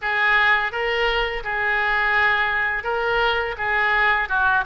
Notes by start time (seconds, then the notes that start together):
0.01 G#4
0.71 A#4
1.44 G#4
2.83 A#4
3.57 G#4
4.29 F#4